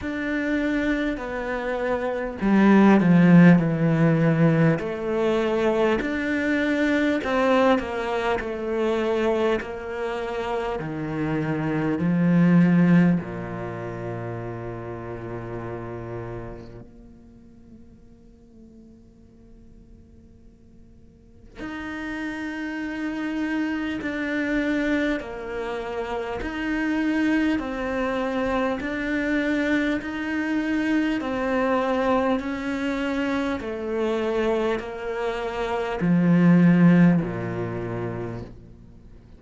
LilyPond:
\new Staff \with { instrumentName = "cello" } { \time 4/4 \tempo 4 = 50 d'4 b4 g8 f8 e4 | a4 d'4 c'8 ais8 a4 | ais4 dis4 f4 ais,4~ | ais,2 ais2~ |
ais2 dis'2 | d'4 ais4 dis'4 c'4 | d'4 dis'4 c'4 cis'4 | a4 ais4 f4 ais,4 | }